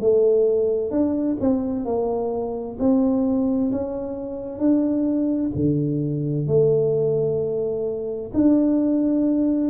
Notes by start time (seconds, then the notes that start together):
0.00 A3
0.91 D4
1.40 C4
1.85 A#3
2.79 C4
3.72 C#4
4.59 D4
5.55 D3
6.47 A3
8.33 D4